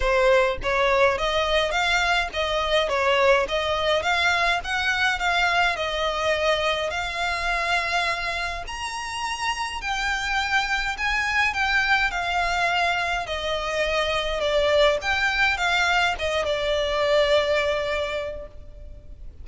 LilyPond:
\new Staff \with { instrumentName = "violin" } { \time 4/4 \tempo 4 = 104 c''4 cis''4 dis''4 f''4 | dis''4 cis''4 dis''4 f''4 | fis''4 f''4 dis''2 | f''2. ais''4~ |
ais''4 g''2 gis''4 | g''4 f''2 dis''4~ | dis''4 d''4 g''4 f''4 | dis''8 d''2.~ d''8 | }